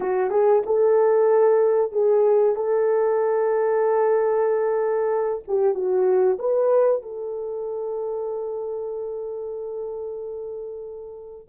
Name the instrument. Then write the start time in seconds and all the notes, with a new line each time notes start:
horn
0.00 F#4
0.30 G#4
0.66 A4
1.91 G#4
2.55 A4
5.47 G4
5.74 F#4
6.39 B4
7.02 A4